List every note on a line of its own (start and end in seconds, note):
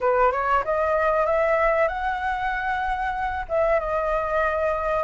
0.00 0.32 B4
0.32 0.63 C#5
0.64 1.26 D#5
1.26 1.87 E5
1.87 3.45 F#5
3.49 3.79 E5
3.79 5.03 D#5